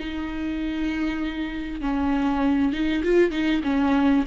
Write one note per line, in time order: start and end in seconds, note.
0.00 1.81 D#4
1.81 2.73 C#4
2.73 3.04 D#4
3.04 3.32 F4
3.32 3.62 D#4
3.64 4.25 C#4